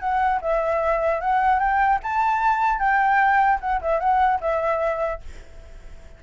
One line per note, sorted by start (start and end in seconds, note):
0.00 0.40 F#5
0.42 1.21 E5
1.21 1.60 F#5
1.60 2.00 G5
2.03 2.79 A5
2.79 3.59 G5
3.61 3.81 F#5
3.81 4.00 E5
4.00 4.40 F#5
4.41 5.21 E5